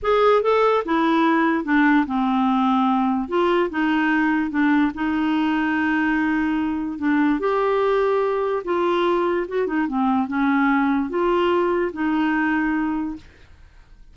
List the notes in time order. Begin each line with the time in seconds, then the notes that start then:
0.02 G#4
0.42 A4
0.85 E4
1.64 D4
2.06 C4
3.28 F4
3.70 D#4
4.50 D4
4.94 D#4
6.98 D4
7.39 G4
8.64 F4
9.48 F#4
9.66 D#4
9.87 C4
10.27 C#4
11.09 F4
11.92 D#4